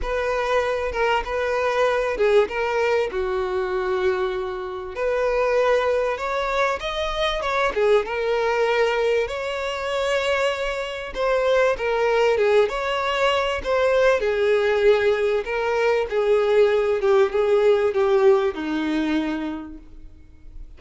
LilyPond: \new Staff \with { instrumentName = "violin" } { \time 4/4 \tempo 4 = 97 b'4. ais'8 b'4. gis'8 | ais'4 fis'2. | b'2 cis''4 dis''4 | cis''8 gis'8 ais'2 cis''4~ |
cis''2 c''4 ais'4 | gis'8 cis''4. c''4 gis'4~ | gis'4 ais'4 gis'4. g'8 | gis'4 g'4 dis'2 | }